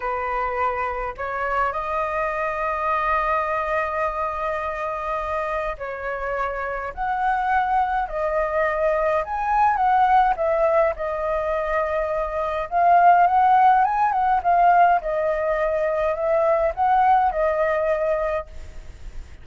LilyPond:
\new Staff \with { instrumentName = "flute" } { \time 4/4 \tempo 4 = 104 b'2 cis''4 dis''4~ | dis''1~ | dis''2 cis''2 | fis''2 dis''2 |
gis''4 fis''4 e''4 dis''4~ | dis''2 f''4 fis''4 | gis''8 fis''8 f''4 dis''2 | e''4 fis''4 dis''2 | }